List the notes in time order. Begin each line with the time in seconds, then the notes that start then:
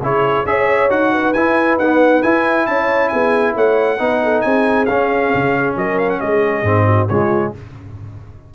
0.00 C#3 E4 G#4 C#5
0.44 C#4 G#4 C#5 E5
0.89 D#4 F#4 F#5
1.12 B4
1.33 E4 G#5
1.77 B3 D#4 F#5
2.22 E4 G#5
2.66 C#4 C#5 A5
3.08 B3 G#4 G#5
3.54 A3 C#5 F#5
3.98 B3 D#4 B4
4.23 A4
4.41 C4 G#4 G#5
4.85 C#4 F5
5.34 C#3
5.75 F#3 A#4 D#5
5.98 F5
6.09 F#5
6.19 G#3 G#4 D#5
6.62 G#2 C4
6.86 F#4
7.07 C#3 G#3 F4 C#5